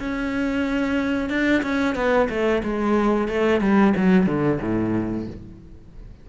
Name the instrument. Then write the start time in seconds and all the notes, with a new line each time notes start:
cello
0.00 C#4
1.30 D4
1.63 C#4
1.96 B3
2.30 A3
2.64 G#3
3.28 A3
3.61 G3
3.97 F#3
4.27 D3
4.62 A2